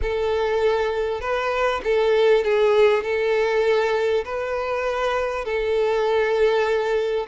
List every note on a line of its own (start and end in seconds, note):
0.02 1.20 A4
1.20 1.81 B4
1.83 2.44 A4
2.44 3.03 G#4
3.03 4.24 A4
4.25 5.44 B4
5.44 7.26 A4